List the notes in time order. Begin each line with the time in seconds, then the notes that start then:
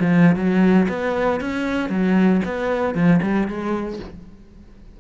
0.00 F3
0.36 F#3
0.89 B3
1.40 C#4
1.89 F#3
2.45 B3
2.94 F3
3.22 G3
3.47 G#3